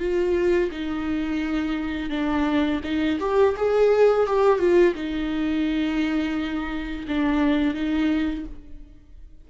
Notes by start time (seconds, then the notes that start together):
0.00 F4
0.72 D#4
2.10 D4
2.84 D#4
3.21 G4
3.57 G#4
4.27 G4
4.59 F4
4.95 D#4
7.08 D4
7.75 D#4